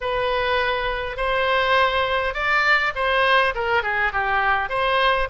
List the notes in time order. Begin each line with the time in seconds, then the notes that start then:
0.00 B4
1.16 C5
2.34 D5
2.95 C5
3.55 A#4
3.83 G#4
4.12 G4
4.69 C5